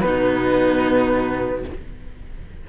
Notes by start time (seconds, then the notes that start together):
0.00 B3 D#4 B4
0.07 B2